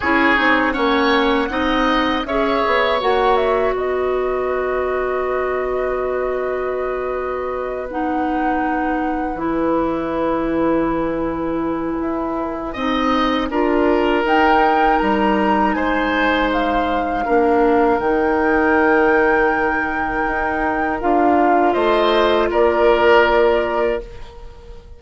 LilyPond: <<
  \new Staff \with { instrumentName = "flute" } { \time 4/4 \tempo 4 = 80 cis''4 fis''2 e''4 | fis''8 e''8 dis''2.~ | dis''2~ dis''8 fis''4.~ | fis''8 gis''2.~ gis''8~ |
gis''2. g''4 | ais''4 gis''4 f''2 | g''1 | f''4 dis''4 d''2 | }
  \new Staff \with { instrumentName = "oboe" } { \time 4/4 gis'4 cis''4 dis''4 cis''4~ | cis''4 b'2.~ | b'1~ | b'1~ |
b'4 dis''4 ais'2~ | ais'4 c''2 ais'4~ | ais'1~ | ais'4 c''4 ais'2 | }
  \new Staff \with { instrumentName = "clarinet" } { \time 4/4 e'8 dis'8 cis'4 dis'4 gis'4 | fis'1~ | fis'2~ fis'8 dis'4.~ | dis'8 e'2.~ e'8~ |
e'4 dis'4 f'4 dis'4~ | dis'2. d'4 | dis'1 | f'1 | }
  \new Staff \with { instrumentName = "bassoon" } { \time 4/4 cis'8 c'8 ais4 c'4 cis'8 b8 | ais4 b2.~ | b1~ | b8 e2.~ e8 |
e'4 c'4 d'4 dis'4 | g4 gis2 ais4 | dis2. dis'4 | d'4 a4 ais2 | }
>>